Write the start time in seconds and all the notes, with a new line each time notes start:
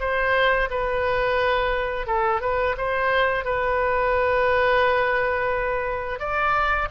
0.00 C5
0.70 B4
2.07 A4
2.41 B4
2.77 C5
3.45 B4
6.19 D5